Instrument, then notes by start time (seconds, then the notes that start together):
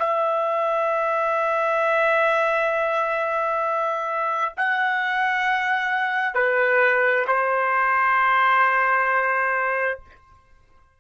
trumpet
0.00 E5
4.57 F#5
6.35 B4
7.28 C5